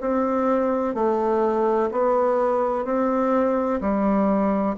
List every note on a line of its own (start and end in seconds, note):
0.00 0.94 C4
0.94 1.89 A3
1.91 2.84 B3
2.84 3.80 C4
3.81 4.76 G3